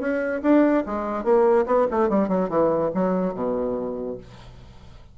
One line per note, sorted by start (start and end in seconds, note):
0.00 0.42 C#4
0.42 0.84 D4
0.86 1.24 G#3
1.24 1.66 A#3
1.66 1.87 B3
1.91 2.10 A3
2.10 2.28 G3
2.28 2.49 F#3
2.49 2.91 E3
2.95 3.34 F#3
3.34 4.18 B2